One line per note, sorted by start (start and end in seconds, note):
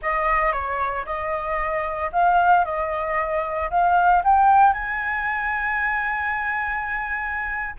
0.02 0.52 D#5
0.52 1.05 C#5
1.05 2.10 D#5
2.12 2.64 F5
2.64 3.70 D#5
3.70 4.22 F5
4.24 4.73 G5
4.73 7.75 G#5